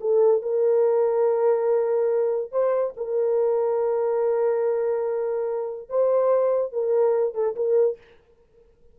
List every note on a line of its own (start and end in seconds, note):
0.00 0.42 A4
0.42 2.51 A#4
2.51 2.93 C5
2.96 5.89 A#4
5.89 6.72 C5
6.72 7.34 A#4
7.34 7.55 A4
7.55 7.97 A#4